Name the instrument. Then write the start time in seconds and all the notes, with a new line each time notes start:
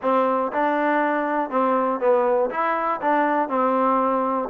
trombone
0.02 C4
0.52 D4
1.50 C4
2.00 B3
2.50 E4
3.01 D4
3.48 C4